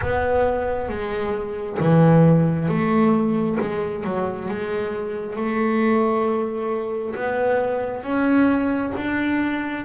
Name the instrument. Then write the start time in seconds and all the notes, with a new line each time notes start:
double bass
0.01 B3
0.88 G#3
1.79 E3
2.68 A3
3.60 G#3
4.03 F#3
4.48 G#3
5.35 A3
7.15 B3
8.03 C#4
8.96 D4